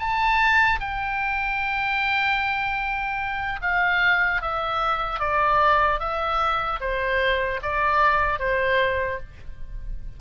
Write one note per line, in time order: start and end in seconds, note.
0.00 0.80 A5
0.80 3.60 G5
3.62 4.42 F5
4.42 5.20 E5
5.20 6.00 D5
6.00 6.80 E5
6.81 7.61 C5
7.63 8.40 D5
8.40 9.20 C5